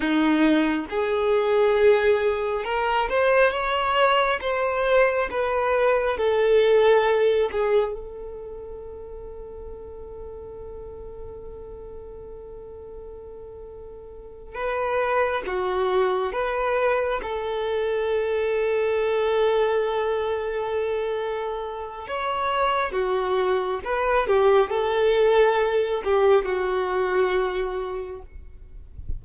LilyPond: \new Staff \with { instrumentName = "violin" } { \time 4/4 \tempo 4 = 68 dis'4 gis'2 ais'8 c''8 | cis''4 c''4 b'4 a'4~ | a'8 gis'8 a'2.~ | a'1~ |
a'8 b'4 fis'4 b'4 a'8~ | a'1~ | a'4 cis''4 fis'4 b'8 g'8 | a'4. g'8 fis'2 | }